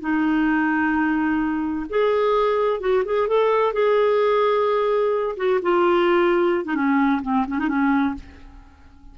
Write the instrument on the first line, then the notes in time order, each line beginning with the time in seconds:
clarinet
0.00 D#4
1.89 G#4
2.80 F#4
3.05 G#4
3.28 A4
3.73 G#4
5.37 F#4
5.62 F4
6.64 D#4
6.75 C#4
7.22 C4
7.47 C#4
7.59 D#4
7.68 C#4